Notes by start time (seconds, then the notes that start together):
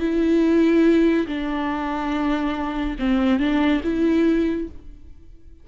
0.00 E4
1.27 D4
2.99 C4
3.39 D4
3.83 E4